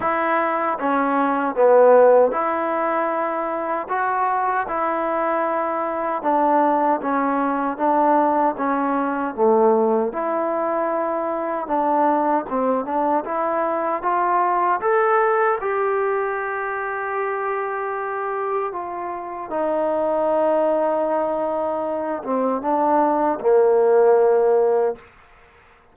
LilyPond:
\new Staff \with { instrumentName = "trombone" } { \time 4/4 \tempo 4 = 77 e'4 cis'4 b4 e'4~ | e'4 fis'4 e'2 | d'4 cis'4 d'4 cis'4 | a4 e'2 d'4 |
c'8 d'8 e'4 f'4 a'4 | g'1 | f'4 dis'2.~ | dis'8 c'8 d'4 ais2 | }